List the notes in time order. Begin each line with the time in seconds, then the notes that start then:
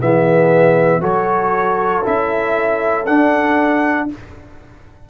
0.00 E3 B3 G#4 E5
1.01 F#3 F#4 A4 C#5
2.04 C#4 E4 E5
3.06 D4 F#5